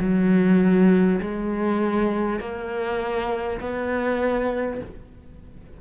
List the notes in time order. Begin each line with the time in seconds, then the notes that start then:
0.00 F#3
1.21 G#3
2.39 A#3
3.61 B3